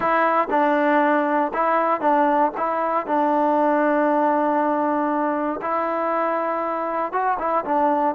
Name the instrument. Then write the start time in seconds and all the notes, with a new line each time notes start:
trombone
0.00 E4
0.50 D4
1.53 E4
2.01 D4
2.57 E4
3.06 D4
5.61 E4
7.12 F#4
7.38 E4
7.65 D4